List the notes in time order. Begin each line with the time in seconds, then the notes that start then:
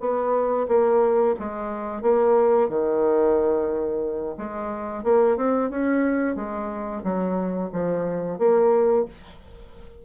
0.00 B3
0.68 A#3
1.39 G#3
2.02 A#3
2.69 D#3
4.38 G#3
5.04 A#3
5.37 C4
5.70 C#4
6.35 G#3
7.03 F#3
7.72 F3
8.38 A#3